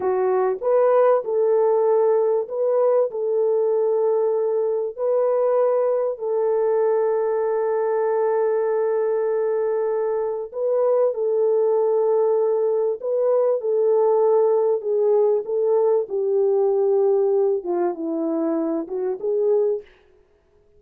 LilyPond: \new Staff \with { instrumentName = "horn" } { \time 4/4 \tempo 4 = 97 fis'4 b'4 a'2 | b'4 a'2. | b'2 a'2~ | a'1~ |
a'4 b'4 a'2~ | a'4 b'4 a'2 | gis'4 a'4 g'2~ | g'8 f'8 e'4. fis'8 gis'4 | }